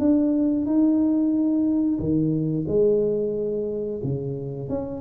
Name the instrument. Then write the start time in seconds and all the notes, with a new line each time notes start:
tuba
0.00 D4
0.66 D#4
2.00 D#3
2.68 G#3
4.04 C#3
4.70 C#4